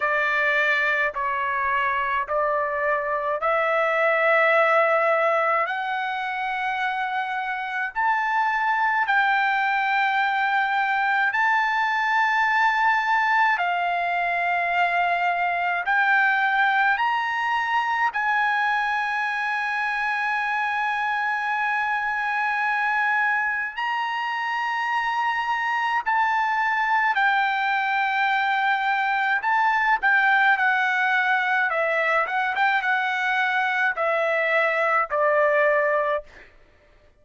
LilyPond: \new Staff \with { instrumentName = "trumpet" } { \time 4/4 \tempo 4 = 53 d''4 cis''4 d''4 e''4~ | e''4 fis''2 a''4 | g''2 a''2 | f''2 g''4 ais''4 |
gis''1~ | gis''4 ais''2 a''4 | g''2 a''8 g''8 fis''4 | e''8 fis''16 g''16 fis''4 e''4 d''4 | }